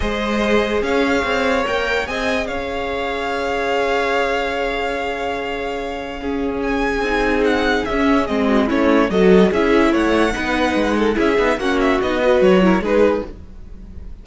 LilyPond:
<<
  \new Staff \with { instrumentName = "violin" } { \time 4/4 \tempo 4 = 145 dis''2 f''2 | g''4 gis''4 f''2~ | f''1~ | f''1 |
gis''2 fis''4 e''4 | dis''4 cis''4 dis''4 e''4 | fis''2. e''4 | fis''8 e''8 dis''4 cis''4 b'4 | }
  \new Staff \with { instrumentName = "violin" } { \time 4/4 c''2 cis''2~ | cis''4 dis''4 cis''2~ | cis''1~ | cis''2. gis'4~ |
gis'1~ | gis'8 fis'8 e'4 a'4 gis'4 | cis''4 b'4. a'8 gis'4 | fis'4. b'4 ais'8 gis'4 | }
  \new Staff \with { instrumentName = "viola" } { \time 4/4 gis'1 | ais'4 gis'2.~ | gis'1~ | gis'2. cis'4~ |
cis'4 dis'2 cis'4 | c'4 cis'4 fis'4 e'4~ | e'4 dis'2 e'8 dis'8 | cis'4 dis'8 fis'4 e'8 dis'4 | }
  \new Staff \with { instrumentName = "cello" } { \time 4/4 gis2 cis'4 c'4 | ais4 c'4 cis'2~ | cis'1~ | cis'1~ |
cis'4 c'2 cis'4 | gis4 a4 fis4 cis'4 | a4 b4 gis4 cis'8 b8 | ais4 b4 fis4 gis4 | }
>>